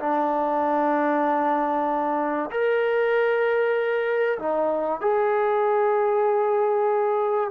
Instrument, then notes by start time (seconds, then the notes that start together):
trombone
0.00 D4
2.51 A#4
4.39 D#4
5.01 G#4